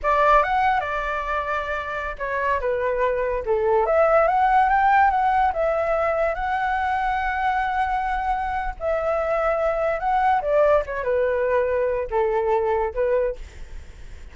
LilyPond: \new Staff \with { instrumentName = "flute" } { \time 4/4 \tempo 4 = 144 d''4 fis''4 d''2~ | d''4~ d''16 cis''4 b'4.~ b'16~ | b'16 a'4 e''4 fis''4 g''8.~ | g''16 fis''4 e''2 fis''8.~ |
fis''1~ | fis''4 e''2. | fis''4 d''4 cis''8 b'4.~ | b'4 a'2 b'4 | }